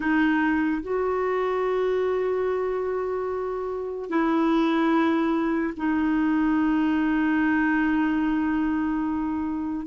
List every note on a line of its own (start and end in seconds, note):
0.00 0.82 D#4
0.82 4.09 F#4
4.09 5.73 E4
5.76 9.86 D#4